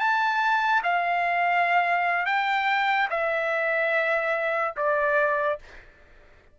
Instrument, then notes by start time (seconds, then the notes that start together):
trumpet
0.00 A5
0.84 F5
2.26 G5
3.10 E5
4.77 D5